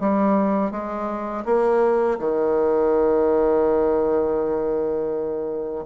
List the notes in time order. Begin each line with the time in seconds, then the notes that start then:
0.00 G3
0.72 G#3
1.45 A#3
2.19 D#3